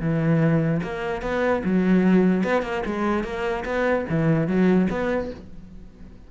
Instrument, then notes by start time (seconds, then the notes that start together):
cello
0.00 E3
0.83 A#3
1.22 B3
1.64 F#3
2.44 B3
2.62 A#3
2.86 G#3
3.24 A#3
3.65 B3
4.09 E3
4.47 F#3
4.90 B3